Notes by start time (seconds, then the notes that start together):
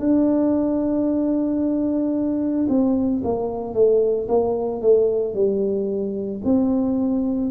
0.00 D4
2.69 C4
3.24 A#3
3.74 A3
4.29 A#3
4.82 A3
5.35 G3
6.45 C4